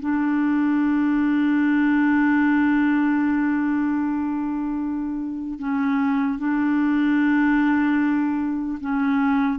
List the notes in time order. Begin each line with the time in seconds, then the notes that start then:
0.00 D4
5.59 C#4
6.39 D4
8.80 C#4